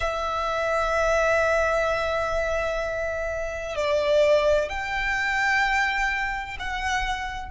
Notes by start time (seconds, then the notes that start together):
0.00 E5
3.75 D5
4.69 G5
6.59 F#5